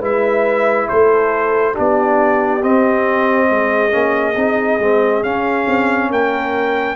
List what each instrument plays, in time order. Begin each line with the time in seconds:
0.00 tuba G#3, trombone E4, horn B4, trumpet E5
0.89 tuba A3, horn A4, trumpet C5
1.74 tuba B3, trombone D4, horn G4, trumpet D5
2.63 trombone C4, tuba C4, trumpet D#5
3.51 tuba G#3, horn G#4
3.91 tuba A#3, trombone C#4
4.36 tuba C4, trombone D#4
4.80 tuba G#3, trombone C4
5.23 tuba C#4, trombone C#4, trumpet F5
5.68 tuba C4
6.11 tuba A#3, horn A#4, trumpet G5